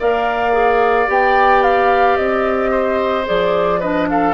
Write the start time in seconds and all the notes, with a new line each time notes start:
0.00 A#3 A#4 D5 F5
0.52 G#4
1.07 B3 G4 G5
1.64 F5
2.17 C4 D#5
2.71 C5
3.26 F3 G#4 D5
3.80 D4 B4 D#5
4.10 A4 F5